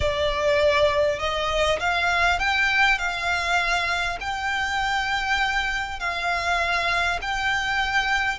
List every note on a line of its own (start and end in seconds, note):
0.00 1.19 D5
1.19 1.79 D#5
1.79 2.39 F5
2.39 2.98 G5
2.98 4.18 F5
4.20 5.99 G5
5.99 7.19 F5
7.21 8.38 G5